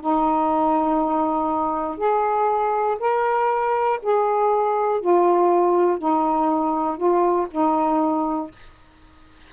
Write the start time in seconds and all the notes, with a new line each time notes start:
0.00 D#4
1.97 G#4
2.99 A#4
4.02 G#4
5.00 F4
5.98 D#4
6.97 F4
7.51 D#4